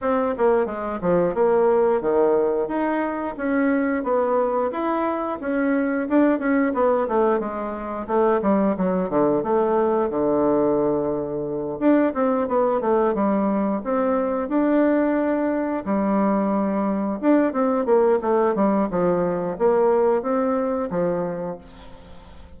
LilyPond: \new Staff \with { instrumentName = "bassoon" } { \time 4/4 \tempo 4 = 89 c'8 ais8 gis8 f8 ais4 dis4 | dis'4 cis'4 b4 e'4 | cis'4 d'8 cis'8 b8 a8 gis4 | a8 g8 fis8 d8 a4 d4~ |
d4. d'8 c'8 b8 a8 g8~ | g8 c'4 d'2 g8~ | g4. d'8 c'8 ais8 a8 g8 | f4 ais4 c'4 f4 | }